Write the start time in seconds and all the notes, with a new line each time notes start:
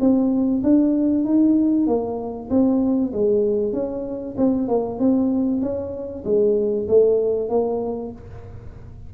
0.00 C4
0.63 D4
1.24 D#4
1.87 A#3
2.50 C4
3.13 G#3
3.73 C#4
4.37 C4
4.68 A#3
4.99 C4
5.61 C#4
6.25 G#3
6.88 A3
7.49 A#3